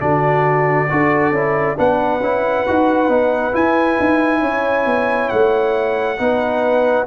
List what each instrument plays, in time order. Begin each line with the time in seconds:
0.00 tuba D3, trombone D4, horn F#4, trumpet D5
0.90 tuba D4, trombone F#4, horn A4
1.31 tuba C#4, trombone E4
1.76 tuba B3, trombone D4, horn B4, trumpet F#5
2.20 tuba C#4, trombone E4
2.67 tuba D#4, trombone F#4
3.09 tuba B3, trombone D#4
3.53 trombone E4, tuba E4, trumpet G#5
4.00 tuba D#4
4.41 tuba C#4, horn C#5
4.86 tuba B3
5.29 tuba A3, trumpet F#5
6.18 tuba B3, trombone D#4, horn B4